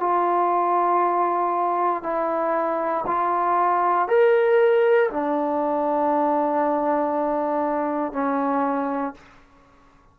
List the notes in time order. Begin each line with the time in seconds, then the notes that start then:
0.00 F4
2.03 E4
3.07 F4
4.08 A#4
5.11 D4
8.13 C#4